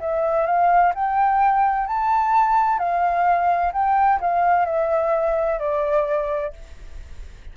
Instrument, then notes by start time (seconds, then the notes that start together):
flute
0.00 E5
0.46 F5
0.95 G5
1.87 A5
2.79 F5
3.73 G5
4.21 F5
4.66 E5
5.60 D5